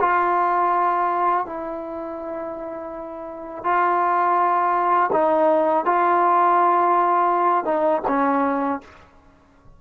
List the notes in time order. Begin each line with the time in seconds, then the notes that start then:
0.00 F4
1.46 E4
3.64 F4
5.13 D#4
5.85 F4
7.65 D#4
8.08 C#4